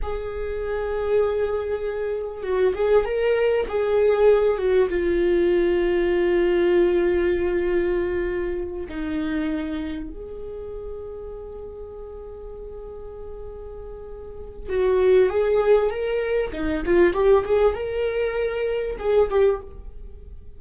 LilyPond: \new Staff \with { instrumentName = "viola" } { \time 4/4 \tempo 4 = 98 gis'1 | fis'8 gis'8 ais'4 gis'4. fis'8 | f'1~ | f'2~ f'8 dis'4.~ |
dis'8 gis'2.~ gis'8~ | gis'1 | fis'4 gis'4 ais'4 dis'8 f'8 | g'8 gis'8 ais'2 gis'8 g'8 | }